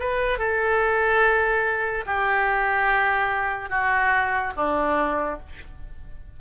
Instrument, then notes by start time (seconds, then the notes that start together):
oboe
0.00 B4
0.39 A4
2.06 G4
3.70 F#4
4.57 D4